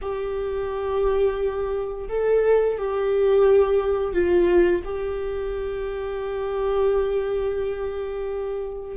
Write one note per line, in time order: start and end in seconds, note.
0.01 2.08 G4
2.08 2.77 A4
2.78 4.13 G4
4.13 4.82 F4
4.84 8.97 G4